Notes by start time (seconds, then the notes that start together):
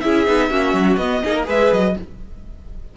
0.00 C#4 E4 G#4 E5
0.27 B3 D#4
0.50 A#3 C#4 F#4
0.73 F#3
0.97 B3 D#5
1.24 A#3 D#4 G#4
1.35 A#4
1.44 G#3 G#4 B4 E5
1.72 F#3 D#5